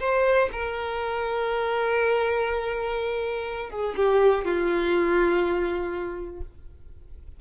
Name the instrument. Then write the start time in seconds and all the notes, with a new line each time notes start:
violin
0.00 C5
0.52 A#4
3.71 G#4
3.97 G4
4.45 F4